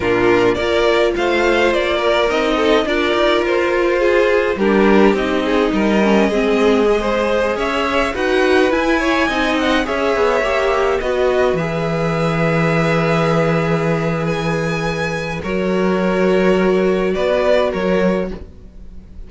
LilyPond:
<<
  \new Staff \with { instrumentName = "violin" } { \time 4/4 \tempo 4 = 105 ais'4 d''4 f''4 d''4 | dis''4 d''4 c''2 | ais'4 dis''2.~ | dis''4~ dis''16 e''4 fis''4 gis''8.~ |
gis''8. fis''8 e''2 dis''8.~ | dis''16 e''2.~ e''8.~ | e''4 gis''2 cis''4~ | cis''2 d''4 cis''4 | }
  \new Staff \with { instrumentName = "violin" } { \time 4/4 f'4 ais'4 c''4. ais'8~ | ais'8 a'8 ais'2 gis'4 | g'4. gis'8 ais'4 gis'4~ | gis'16 c''4 cis''4 b'4. cis''16~ |
cis''16 dis''4 cis''2 b'8.~ | b'1~ | b'2. ais'4~ | ais'2 b'4 ais'4 | }
  \new Staff \with { instrumentName = "viola" } { \time 4/4 d'4 f'2. | dis'4 f'2. | d'4 dis'4. cis'8 c'4 | gis'2~ gis'16 fis'4 e'8.~ |
e'16 dis'4 gis'4 g'4 fis'8.~ | fis'16 gis'2.~ gis'8.~ | gis'2. fis'4~ | fis'1 | }
  \new Staff \with { instrumentName = "cello" } { \time 4/4 ais,4 ais4 a4 ais4 | c'4 d'8 dis'8 f'2 | g4 c'4 g4 gis4~ | gis4~ gis16 cis'4 dis'4 e'8.~ |
e'16 c'4 cis'8 b8 ais4 b8.~ | b16 e2.~ e8.~ | e2. fis4~ | fis2 b4 fis4 | }
>>